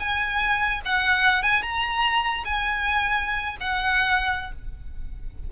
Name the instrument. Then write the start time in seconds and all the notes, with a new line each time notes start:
violin
0.00 G#5
0.86 F#5
1.43 G#5
1.63 A#5
2.45 G#5
3.60 F#5